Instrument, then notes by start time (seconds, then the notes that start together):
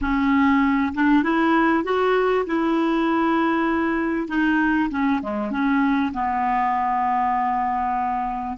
clarinet
0.01 C#4
0.94 D4
1.23 E4
1.84 F#4
2.46 E4
4.28 D#4
4.90 C#4
5.22 G#3
5.50 C#4
6.13 B3